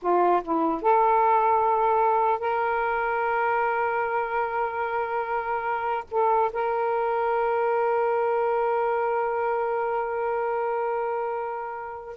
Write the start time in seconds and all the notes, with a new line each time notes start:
0.01 F4
0.42 E4
0.81 A4
2.39 A#4
6.10 A4
6.52 A#4